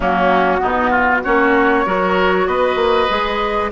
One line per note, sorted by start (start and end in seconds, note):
0.00 0.61 F#3
0.00 0.59 A#3
0.00 0.60 C#4
0.00 1.24 F#4
0.59 1.25 B2
0.59 1.20 B3
0.59 0.90 D#4
0.90 1.21 F4
1.24 1.86 A#3
1.24 1.85 C#4
1.24 1.86 F#4
1.24 2.47 C#5
1.85 2.47 F#3
1.85 3.09 F#4
1.85 2.47 A#4
2.47 2.75 B3
2.47 3.70 B4
2.47 3.70 D#5
2.75 3.06 A#3
3.09 3.71 G#3
3.09 3.71 G#4